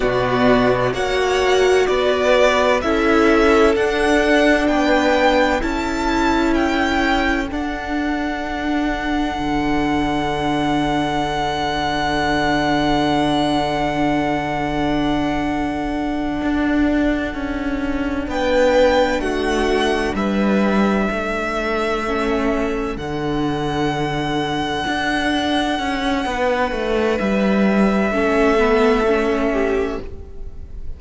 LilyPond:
<<
  \new Staff \with { instrumentName = "violin" } { \time 4/4 \tempo 4 = 64 fis'4 fis''4 d''4 e''4 | fis''4 g''4 a''4 g''4 | fis''1~ | fis''1~ |
fis''2.~ fis''8 g''8~ | g''8 fis''4 e''2~ e''8~ | e''8 fis''2.~ fis''8~ | fis''4 e''2. | }
  \new Staff \with { instrumentName = "violin" } { \time 4/4 d''4 cis''4 b'4 a'4~ | a'4 b'4 a'2~ | a'1~ | a'1~ |
a'2.~ a'8 b'8~ | b'8 fis'4 b'4 a'4.~ | a'1 | b'2 a'4. g'8 | }
  \new Staff \with { instrumentName = "viola" } { \time 4/4 b4 fis'2 e'4 | d'2 e'2 | d'1~ | d'1~ |
d'1~ | d'2.~ d'8 cis'8~ | cis'8 d'2.~ d'8~ | d'2 cis'8 b8 cis'4 | }
  \new Staff \with { instrumentName = "cello" } { \time 4/4 b,4 ais4 b4 cis'4 | d'4 b4 cis'2 | d'2 d2~ | d1~ |
d4. d'4 cis'4 b8~ | b8 a4 g4 a4.~ | a8 d2 d'4 cis'8 | b8 a8 g4 a2 | }
>>